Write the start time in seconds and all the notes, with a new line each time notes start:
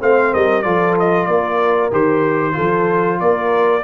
0.00 A3 C4 C5 F5
0.33 G3 A#4 D#5
0.62 F3 F4 A4 D5
0.99 D#5
1.26 A#3 A#4 D5
1.91 D#3 G4 C5
2.53 F3 F4 A4
3.20 A#3 A#4 D5